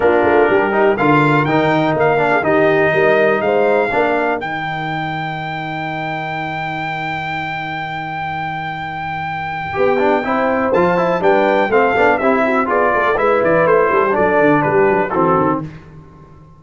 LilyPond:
<<
  \new Staff \with { instrumentName = "trumpet" } { \time 4/4 \tempo 4 = 123 ais'2 f''4 g''4 | f''4 dis''2 f''4~ | f''4 g''2.~ | g''1~ |
g''1~ | g''2 a''4 g''4 | f''4 e''4 d''4 e''8 d''8 | c''4 d''4 b'4 a'4 | }
  \new Staff \with { instrumentName = "horn" } { \time 4/4 f'4 g'4 ais'2~ | ais'8. gis'16 g'4 ais'4 c''4 | ais'1~ | ais'1~ |
ais'1 | g'4 c''2 b'4 | a'4 g'8 fis'8 gis'8 a'8 b'4~ | b'8 a'16 g'16 a'4 g'4 fis'4 | }
  \new Staff \with { instrumentName = "trombone" } { \time 4/4 d'4. dis'8 f'4 dis'4~ | dis'8 d'8 dis'2. | d'4 dis'2.~ | dis'1~ |
dis'1 | g'8 d'8 e'4 f'8 e'8 d'4 | c'8 d'8 e'4 f'4 e'4~ | e'4 d'2 c'4 | }
  \new Staff \with { instrumentName = "tuba" } { \time 4/4 ais8 a8 g4 d4 dis4 | ais4 dis4 g4 gis4 | ais4 dis2.~ | dis1~ |
dis1 | b4 c'4 f4 g4 | a8 b8 c'4 b8 a8 gis8 e8 | a8 g8 fis8 d8 g8 fis8 e8 dis8 | }
>>